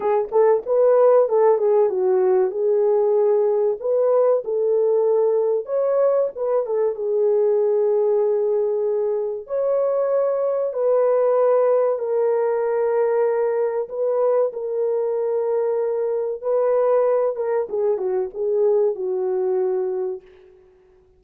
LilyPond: \new Staff \with { instrumentName = "horn" } { \time 4/4 \tempo 4 = 95 gis'8 a'8 b'4 a'8 gis'8 fis'4 | gis'2 b'4 a'4~ | a'4 cis''4 b'8 a'8 gis'4~ | gis'2. cis''4~ |
cis''4 b'2 ais'4~ | ais'2 b'4 ais'4~ | ais'2 b'4. ais'8 | gis'8 fis'8 gis'4 fis'2 | }